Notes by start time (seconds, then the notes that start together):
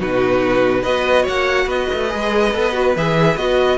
0.00 B2 D#4 F#4 B4
0.82 B3 F#4 B4 D#5
1.23 A#3 C#5 F#5
1.66 B3 B4 D#5
1.93 A3
2.10 G#3 G#4
2.54 B3 A4
2.73 F#4
2.97 E3 G#4 E5
3.37 B3 F#4 D#5